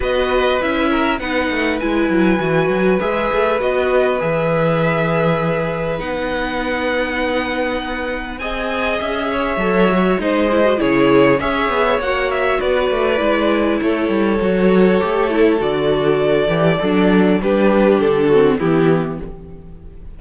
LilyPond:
<<
  \new Staff \with { instrumentName = "violin" } { \time 4/4 \tempo 4 = 100 dis''4 e''4 fis''4 gis''4~ | gis''4 e''4 dis''4 e''4~ | e''2 fis''2~ | fis''2 gis''4 e''4~ |
e''4 dis''4 cis''4 e''4 | fis''8 e''8 d''2 cis''4~ | cis''2 d''2~ | d''4 b'4 a'4 g'4 | }
  \new Staff \with { instrumentName = "violin" } { \time 4/4 b'4. ais'8 b'2~ | b'1~ | b'1~ | b'2 dis''4. cis''8~ |
cis''4 c''4 gis'4 cis''4~ | cis''4 b'2 a'4~ | a'1 | d'4 g'4. fis'8 e'4 | }
  \new Staff \with { instrumentName = "viola" } { \time 4/4 fis'4 e'4 dis'4 e'4 | fis'4 gis'4 fis'4 gis'4~ | gis'2 dis'2~ | dis'2 gis'2 |
a'8 fis'8 dis'8 e'16 fis'16 e'4 gis'4 | fis'2 e'2 | fis'4 g'8 e'8 fis'4. g'8 | a'4 d'4. c'8 b4 | }
  \new Staff \with { instrumentName = "cello" } { \time 4/4 b4 cis'4 b8 a8 gis8 fis8 | e8 fis8 gis8 a8 b4 e4~ | e2 b2~ | b2 c'4 cis'4 |
fis4 gis4 cis4 cis'8 b8 | ais4 b8 a8 gis4 a8 g8 | fis4 a4 d4. e8 | fis4 g4 d4 e4 | }
>>